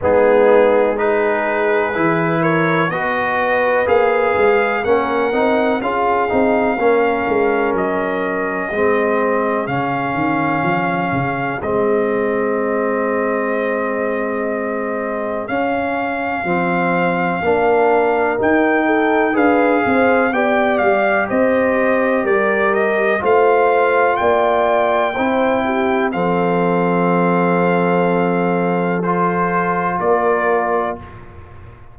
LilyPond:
<<
  \new Staff \with { instrumentName = "trumpet" } { \time 4/4 \tempo 4 = 62 gis'4 b'4. cis''8 dis''4 | f''4 fis''4 f''2 | dis''2 f''2 | dis''1 |
f''2. g''4 | f''4 g''8 f''8 dis''4 d''8 dis''8 | f''4 g''2 f''4~ | f''2 c''4 d''4 | }
  \new Staff \with { instrumentName = "horn" } { \time 4/4 dis'4 gis'4. ais'8 b'4~ | b'4 ais'4 gis'4 ais'4~ | ais'4 gis'2.~ | gis'1~ |
gis'2 ais'4. a'8 | b'8 c''8 d''4 c''4 ais'4 | c''4 d''4 c''8 g'8 a'4~ | a'2. ais'4 | }
  \new Staff \with { instrumentName = "trombone" } { \time 4/4 b4 dis'4 e'4 fis'4 | gis'4 cis'8 dis'8 f'8 dis'8 cis'4~ | cis'4 c'4 cis'2 | c'1 |
cis'4 c'4 d'4 dis'4 | gis'4 g'2. | f'2 e'4 c'4~ | c'2 f'2 | }
  \new Staff \with { instrumentName = "tuba" } { \time 4/4 gis2 e4 b4 | ais8 gis8 ais8 c'8 cis'8 c'8 ais8 gis8 | fis4 gis4 cis8 dis8 f8 cis8 | gis1 |
cis'4 f4 ais4 dis'4 | d'8 c'8 b8 g8 c'4 g4 | a4 ais4 c'4 f4~ | f2. ais4 | }
>>